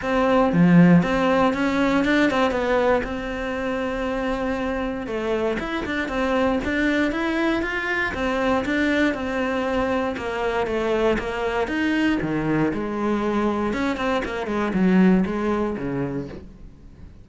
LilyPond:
\new Staff \with { instrumentName = "cello" } { \time 4/4 \tempo 4 = 118 c'4 f4 c'4 cis'4 | d'8 c'8 b4 c'2~ | c'2 a4 e'8 d'8 | c'4 d'4 e'4 f'4 |
c'4 d'4 c'2 | ais4 a4 ais4 dis'4 | dis4 gis2 cis'8 c'8 | ais8 gis8 fis4 gis4 cis4 | }